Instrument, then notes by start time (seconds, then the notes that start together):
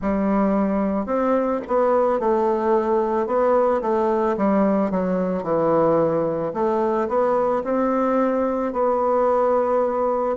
bassoon
0.01 G3
1.06 C4
1.67 B3
2.19 A3
3.26 B3
3.81 A3
4.37 G3
4.90 F#3
5.43 E3
6.53 A3
7.08 B3
7.64 C4
8.72 B3